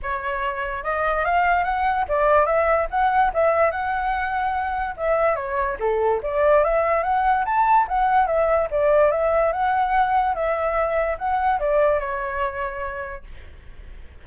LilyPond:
\new Staff \with { instrumentName = "flute" } { \time 4/4 \tempo 4 = 145 cis''2 dis''4 f''4 | fis''4 d''4 e''4 fis''4 | e''4 fis''2. | e''4 cis''4 a'4 d''4 |
e''4 fis''4 a''4 fis''4 | e''4 d''4 e''4 fis''4~ | fis''4 e''2 fis''4 | d''4 cis''2. | }